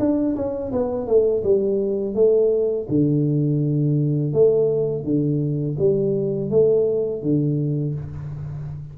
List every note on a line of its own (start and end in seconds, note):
0.00 0.36 D4
0.36 0.72 C#4
0.73 1.07 B3
1.07 1.44 A3
1.44 2.15 G3
2.15 2.88 A3
2.89 4.33 D3
4.33 5.04 A3
5.04 5.77 D3
5.79 6.51 G3
6.51 7.23 A3
7.23 7.95 D3